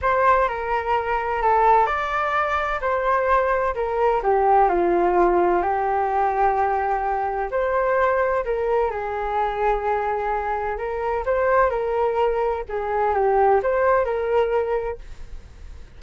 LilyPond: \new Staff \with { instrumentName = "flute" } { \time 4/4 \tempo 4 = 128 c''4 ais'2 a'4 | d''2 c''2 | ais'4 g'4 f'2 | g'1 |
c''2 ais'4 gis'4~ | gis'2. ais'4 | c''4 ais'2 gis'4 | g'4 c''4 ais'2 | }